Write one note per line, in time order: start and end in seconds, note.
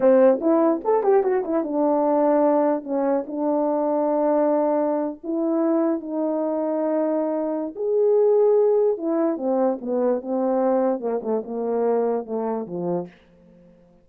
0.00 0.40 C4
0.40 0.81 E4
0.84 1.03 A4
1.03 1.23 G4
1.23 1.43 F#4
1.44 1.63 E4
1.63 2.83 D4
2.83 3.24 C#4
3.26 5.20 D4
5.23 6.00 E4
6.00 7.73 D#4
7.75 8.97 G#4
8.97 9.37 E4
9.37 9.78 C4
9.81 10.21 B3
10.21 11.00 C4
11.00 11.20 A#3
11.22 11.42 A3
11.44 12.25 A#3
12.25 12.66 A3
12.66 13.07 F3